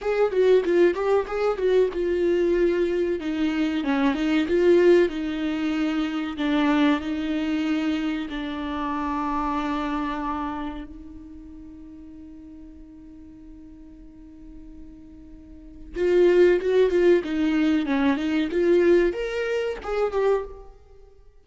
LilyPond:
\new Staff \with { instrumentName = "viola" } { \time 4/4 \tempo 4 = 94 gis'8 fis'8 f'8 g'8 gis'8 fis'8 f'4~ | f'4 dis'4 cis'8 dis'8 f'4 | dis'2 d'4 dis'4~ | dis'4 d'2.~ |
d'4 dis'2.~ | dis'1~ | dis'4 f'4 fis'8 f'8 dis'4 | cis'8 dis'8 f'4 ais'4 gis'8 g'8 | }